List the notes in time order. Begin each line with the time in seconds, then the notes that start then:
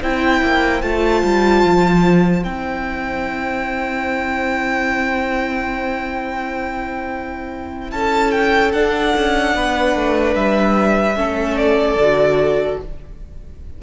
0.00 C4 E4 C5 G5
0.42 A#3
0.82 A3 F4 A5
1.24 G3
1.64 F3
2.43 C4 E4 G5
7.92 C#4 A4 A5
8.31 G5
8.72 D4 F#5
9.17 C#4
9.55 B3 B4
9.95 A3
10.35 G3 E5
11.16 A3 C#4 A4
11.57 D5
11.96 D3 F#4